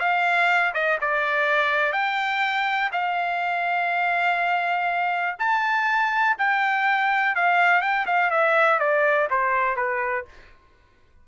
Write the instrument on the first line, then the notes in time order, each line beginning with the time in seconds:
trumpet
0.00 F5
0.74 D#5
1.02 D5
1.93 G5
2.93 F5
5.39 A5
6.39 G5
7.36 F5
7.82 G5
8.06 F5
8.31 E5
8.80 D5
9.31 C5
9.77 B4